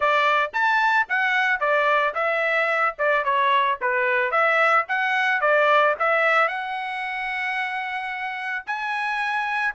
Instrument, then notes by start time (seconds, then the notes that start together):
trumpet
0.00 D5
0.53 A5
1.08 F#5
1.60 D5
2.14 E5
2.98 D5
3.24 C#5
3.81 B4
4.31 E5
4.88 F#5
5.40 D5
5.99 E5
6.48 F#5
8.66 G#5